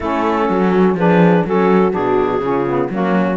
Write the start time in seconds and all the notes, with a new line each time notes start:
0.00 A3 C#4 E4 A4
0.49 F#3 F#4
0.94 F3 D4 G#4 B4
1.45 F#3 C#4 F#4 A4
1.91 B2 D4 G#4
2.40 C#3 C#4 F4
2.66 B3
2.90 F#3 A#3 C#4 F#4